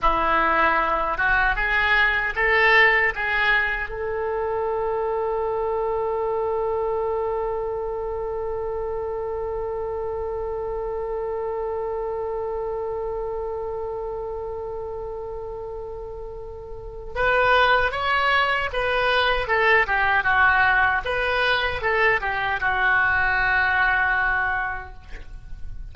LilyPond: \new Staff \with { instrumentName = "oboe" } { \time 4/4 \tempo 4 = 77 e'4. fis'8 gis'4 a'4 | gis'4 a'2.~ | a'1~ | a'1~ |
a'1~ | a'2 b'4 cis''4 | b'4 a'8 g'8 fis'4 b'4 | a'8 g'8 fis'2. | }